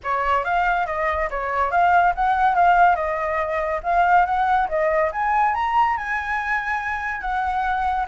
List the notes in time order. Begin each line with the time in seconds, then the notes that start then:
0.03 C#5
0.44 F5
0.86 D#5
1.30 C#5
1.71 F5
2.15 F#5
2.55 F5
2.95 D#5
3.83 F5
4.25 F#5
4.68 D#5
5.12 G#5
5.54 A#5
5.97 G#5
7.21 F#5